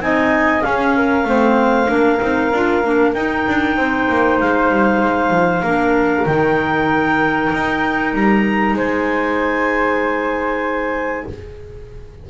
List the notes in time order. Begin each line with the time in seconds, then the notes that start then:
0.00 C4 D#4 D#5 G#5
0.62 C#4 G#4 F5
0.96 A#4
1.24 A3 C4 C5
1.87 A#3 D4 A#4
2.20 C4 D#4
2.53 D4 F4
2.83 A#3 D4
3.14 D#4 G5
3.48 D4
3.77 C4 C5
4.09 A#3
4.40 G#3 F5
4.71 G3
5.02 G#3
5.31 F3
5.63 A#3 D4 A#4
6.26 D#3 D#4 G5
7.53 D#4
8.13 G3 A#5
8.74 G#3 C5 G#5